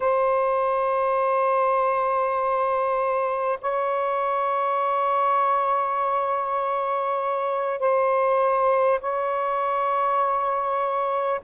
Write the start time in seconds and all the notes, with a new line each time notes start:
0.00 C5
3.61 C#5
7.79 C5
9.00 C#5